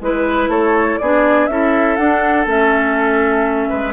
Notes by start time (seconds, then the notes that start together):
0.00 G#3 E4 B4
0.48 A3 A4 C#5
0.98 B3 D4 G#4 D5
1.46 C#4 E4 A4 E5
1.96 D4 F#5
2.46 A3 C#4 E5
3.69 G#3 B4